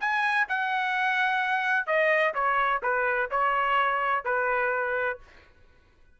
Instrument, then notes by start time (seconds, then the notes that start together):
trumpet
0.00 G#5
0.48 F#5
1.86 D#5
2.34 C#5
2.82 B4
3.30 C#5
4.24 B4